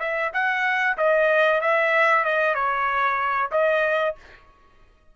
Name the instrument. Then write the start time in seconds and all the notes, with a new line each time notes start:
trumpet
0.00 E5
0.34 F#5
0.97 D#5
1.61 E5
2.25 D#5
2.55 C#5
3.52 D#5